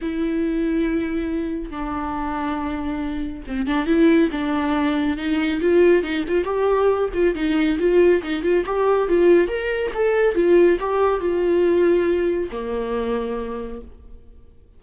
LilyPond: \new Staff \with { instrumentName = "viola" } { \time 4/4 \tempo 4 = 139 e'1 | d'1 | c'8 d'8 e'4 d'2 | dis'4 f'4 dis'8 f'8 g'4~ |
g'8 f'8 dis'4 f'4 dis'8 f'8 | g'4 f'4 ais'4 a'4 | f'4 g'4 f'2~ | f'4 ais2. | }